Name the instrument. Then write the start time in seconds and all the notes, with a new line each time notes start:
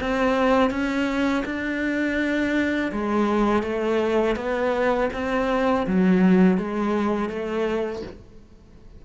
cello
0.00 C4
0.70 C#4
1.45 D4
2.91 G#3
3.63 A3
4.36 B3
5.13 C4
5.86 F#3
6.57 G#3
7.29 A3